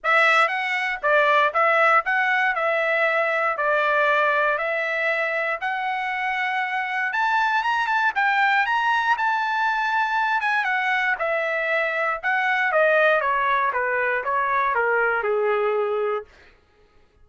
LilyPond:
\new Staff \with { instrumentName = "trumpet" } { \time 4/4 \tempo 4 = 118 e''4 fis''4 d''4 e''4 | fis''4 e''2 d''4~ | d''4 e''2 fis''4~ | fis''2 a''4 ais''8 a''8 |
g''4 ais''4 a''2~ | a''8 gis''8 fis''4 e''2 | fis''4 dis''4 cis''4 b'4 | cis''4 ais'4 gis'2 | }